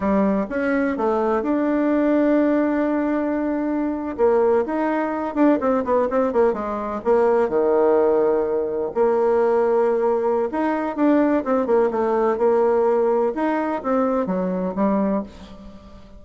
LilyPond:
\new Staff \with { instrumentName = "bassoon" } { \time 4/4 \tempo 4 = 126 g4 cis'4 a4 d'4~ | d'1~ | d'8. ais4 dis'4. d'8 c'16~ | c'16 b8 c'8 ais8 gis4 ais4 dis16~ |
dis2~ dis8. ais4~ ais16~ | ais2 dis'4 d'4 | c'8 ais8 a4 ais2 | dis'4 c'4 fis4 g4 | }